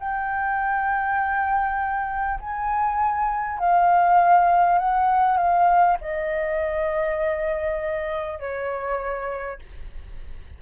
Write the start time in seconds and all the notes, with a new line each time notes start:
0.00 G5
2.41 G#5
3.59 F5
4.79 F#5
5.38 F5
6.01 D#5
8.39 C#5